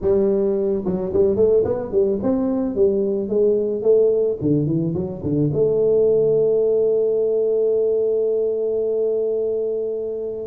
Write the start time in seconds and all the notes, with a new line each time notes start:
0.01 G3
0.85 F#3
1.13 G3
1.36 A3
1.64 B3
1.91 G3
2.22 C4
2.75 G3
3.28 G#3
3.82 A3
4.41 D3
4.66 E3
4.94 F#3
5.22 D3
5.53 A3